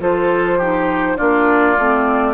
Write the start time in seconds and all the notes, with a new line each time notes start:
0.00 F3 F4 A4 C5
0.58 D#4 G4
1.17 A#3 D4 F4 D5
1.78 A3 C4